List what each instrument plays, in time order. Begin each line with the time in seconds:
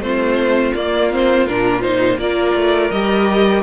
0.00 cello A3, viola C4, violin F4 C5
0.74 cello A#3, viola A#3, violin D5
1.11 viola C4, violin C5
1.46 cello A#2, viola D4, violin A#4
1.82 viola D#4, violin C5
2.18 cello A#3, viola F4, violin A#4 D5
2.55 cello A3
2.91 cello G3, viola G4, violin D#5